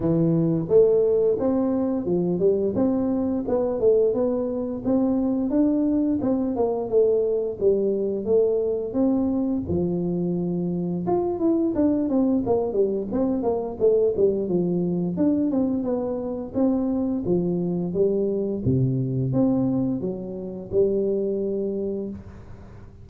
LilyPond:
\new Staff \with { instrumentName = "tuba" } { \time 4/4 \tempo 4 = 87 e4 a4 c'4 f8 g8 | c'4 b8 a8 b4 c'4 | d'4 c'8 ais8 a4 g4 | a4 c'4 f2 |
f'8 e'8 d'8 c'8 ais8 g8 c'8 ais8 | a8 g8 f4 d'8 c'8 b4 | c'4 f4 g4 c4 | c'4 fis4 g2 | }